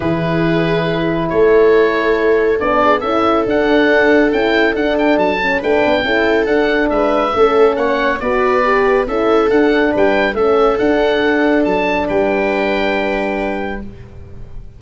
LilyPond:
<<
  \new Staff \with { instrumentName = "oboe" } { \time 4/4 \tempo 4 = 139 b'2. cis''4~ | cis''2 d''4 e''4 | fis''2 g''4 fis''8 g''8 | a''4 g''2 fis''4 |
e''2 fis''4 d''4~ | d''4 e''4 fis''4 g''4 | e''4 fis''2 a''4 | g''1 | }
  \new Staff \with { instrumentName = "viola" } { \time 4/4 gis'2. a'4~ | a'2~ a'8 gis'8 a'4~ | a'1~ | a'4 b'4 a'2 |
b'4 a'4 cis''4 b'4~ | b'4 a'2 b'4 | a'1 | b'1 | }
  \new Staff \with { instrumentName = "horn" } { \time 4/4 e'1~ | e'2 d'4 e'4 | d'2 e'4 d'4~ | d'8 cis'8 d'4 e'4 d'4~ |
d'4 cis'2 fis'4 | g'4 e'4 d'2 | cis'4 d'2.~ | d'1 | }
  \new Staff \with { instrumentName = "tuba" } { \time 4/4 e2. a4~ | a2 b4 cis'4 | d'2 cis'4 d'4 | fis4 a8 b8 cis'4 d'4 |
gis4 a4 ais4 b4~ | b4 cis'4 d'4 g4 | a4 d'2 fis4 | g1 | }
>>